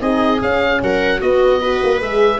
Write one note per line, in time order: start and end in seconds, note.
0.00 0.40 C4
0.00 0.40 D#4
0.00 0.80 G#4
0.00 0.41 D#5
0.41 1.21 C#4
0.41 0.81 C#4
0.41 0.82 F5
0.82 1.21 F#3
0.82 1.19 A#4
0.82 1.21 F#5
1.19 1.81 B3
1.19 1.61 B3
1.19 1.59 F#4
1.19 2.01 D#5
1.60 1.99 F#4
1.60 2.39 B4
1.82 2.00 A#3
1.99 2.39 G#3
1.99 2.39 G#4
1.99 2.39 E5